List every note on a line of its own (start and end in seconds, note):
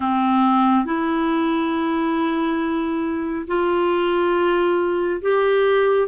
0.00 0.85 C4
0.85 3.46 E4
3.47 5.21 F4
5.21 6.08 G4